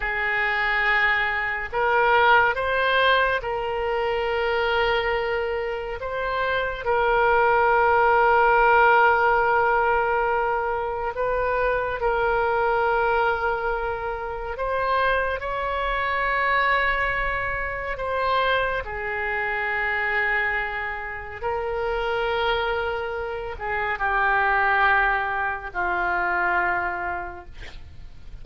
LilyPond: \new Staff \with { instrumentName = "oboe" } { \time 4/4 \tempo 4 = 70 gis'2 ais'4 c''4 | ais'2. c''4 | ais'1~ | ais'4 b'4 ais'2~ |
ais'4 c''4 cis''2~ | cis''4 c''4 gis'2~ | gis'4 ais'2~ ais'8 gis'8 | g'2 f'2 | }